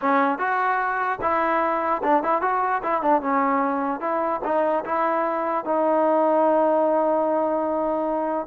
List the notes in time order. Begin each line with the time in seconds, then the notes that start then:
0.01 C#4
0.38 F#4
1.21 E4
2.03 D4
2.23 E4
2.41 F#4
2.83 E4
3.01 D4
3.21 C#4
4.00 E4
4.44 D#4
4.84 E4
5.64 D#4